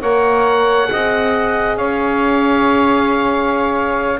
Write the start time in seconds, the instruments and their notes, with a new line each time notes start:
0.00 double bass A#3, horn A#4, saxophone C#5, oboe F#5
0.87 double bass C4, horn G#4, saxophone D#5
1.77 double bass C#4, saxophone C#5, oboe F5